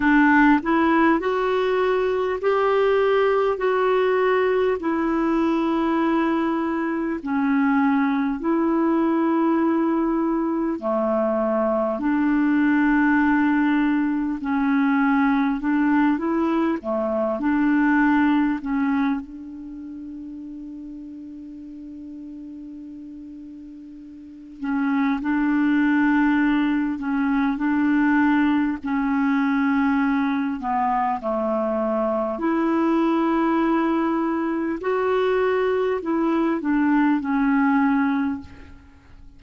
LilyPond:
\new Staff \with { instrumentName = "clarinet" } { \time 4/4 \tempo 4 = 50 d'8 e'8 fis'4 g'4 fis'4 | e'2 cis'4 e'4~ | e'4 a4 d'2 | cis'4 d'8 e'8 a8 d'4 cis'8 |
d'1~ | d'8 cis'8 d'4. cis'8 d'4 | cis'4. b8 a4 e'4~ | e'4 fis'4 e'8 d'8 cis'4 | }